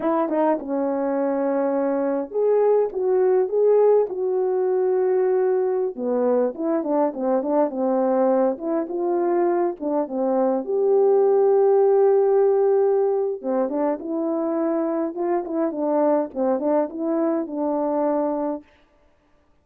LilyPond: \new Staff \with { instrumentName = "horn" } { \time 4/4 \tempo 4 = 103 e'8 dis'8 cis'2. | gis'4 fis'4 gis'4 fis'4~ | fis'2~ fis'16 b4 e'8 d'16~ | d'16 c'8 d'8 c'4. e'8 f'8.~ |
f'8. d'8 c'4 g'4.~ g'16~ | g'2. c'8 d'8 | e'2 f'8 e'8 d'4 | c'8 d'8 e'4 d'2 | }